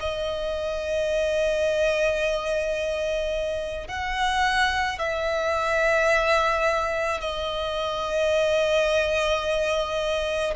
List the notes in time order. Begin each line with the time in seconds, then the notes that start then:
0.00 D#5
3.88 F#5
4.99 E5
7.21 D#5